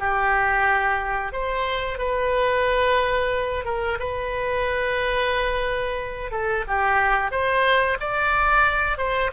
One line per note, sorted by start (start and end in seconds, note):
0.00 1.33 G4
1.33 1.99 C5
1.99 3.65 B4
3.65 3.98 A#4
4.00 6.31 B4
6.31 6.65 A4
6.68 7.31 G4
7.31 7.98 C5
8.00 8.98 D5
8.98 9.31 C5